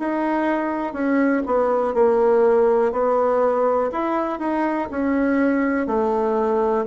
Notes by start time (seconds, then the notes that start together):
0.00 D#4
0.93 C#4
1.46 B3
1.94 A#3
2.92 B3
3.92 E4
4.39 D#4
4.91 C#4
5.87 A3